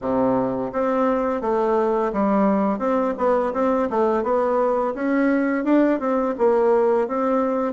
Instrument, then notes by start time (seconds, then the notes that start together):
bassoon
0.01 C3
0.72 C4
1.41 A3
2.12 G3
2.78 C4
3.17 B3
3.53 C4
3.90 A3
4.23 B3
4.94 C#4
5.64 D4
5.99 C4
6.38 A#3
7.07 C4